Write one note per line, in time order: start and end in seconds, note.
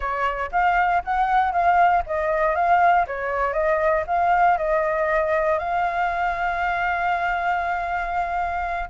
0.00 0.50 C#5
0.51 1.02 F5
1.04 1.51 F#5
1.51 2.02 F5
2.06 2.55 D#5
2.55 3.06 F5
3.06 3.53 C#5
3.53 4.04 D#5
4.06 4.57 F5
4.57 5.58 D#5
5.58 8.89 F5